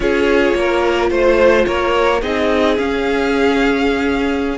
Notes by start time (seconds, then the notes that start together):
0.00 C#4 F4 G#4 C#5
0.54 A#3 A#4
1.10 A3 C5
1.65 A#3 A#4 C#5
2.21 C4 D#4 G#4 D#5
2.77 C#4 F5